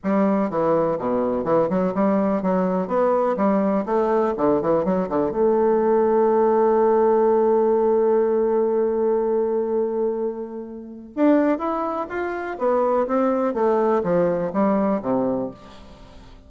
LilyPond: \new Staff \with { instrumentName = "bassoon" } { \time 4/4 \tempo 4 = 124 g4 e4 b,4 e8 fis8 | g4 fis4 b4 g4 | a4 d8 e8 fis8 d8 a4~ | a1~ |
a1~ | a2. d'4 | e'4 f'4 b4 c'4 | a4 f4 g4 c4 | }